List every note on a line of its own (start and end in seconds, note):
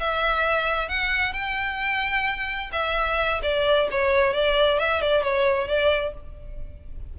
0.00 0.88 E5
0.88 1.33 F#5
1.33 2.70 G5
2.72 3.41 E5
3.42 3.88 D5
3.91 4.33 C#5
4.33 4.79 D5
4.79 5.02 E5
5.02 5.23 D5
5.23 5.68 C#5
5.68 6.14 D5